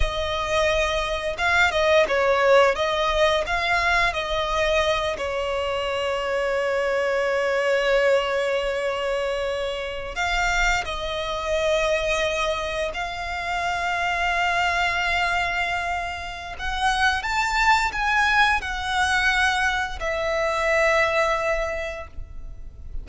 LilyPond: \new Staff \with { instrumentName = "violin" } { \time 4/4 \tempo 4 = 87 dis''2 f''8 dis''8 cis''4 | dis''4 f''4 dis''4. cis''8~ | cis''1~ | cis''2~ cis''8. f''4 dis''16~ |
dis''2~ dis''8. f''4~ f''16~ | f''1 | fis''4 a''4 gis''4 fis''4~ | fis''4 e''2. | }